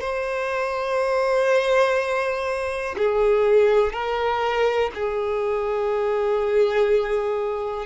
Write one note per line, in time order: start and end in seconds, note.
0.00 2.95 C5
2.97 3.92 G#4
3.92 4.90 A#4
4.94 7.86 G#4